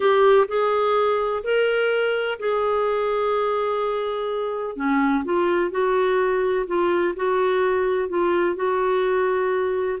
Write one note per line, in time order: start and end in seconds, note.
0.00 0.46 G4
0.48 1.43 G#4
1.43 2.39 A#4
2.39 4.76 G#4
4.76 5.23 C#4
5.24 5.71 F4
5.71 6.66 F#4
6.66 7.14 F4
7.16 8.08 F#4
8.08 8.55 F4
8.55 9.98 F#4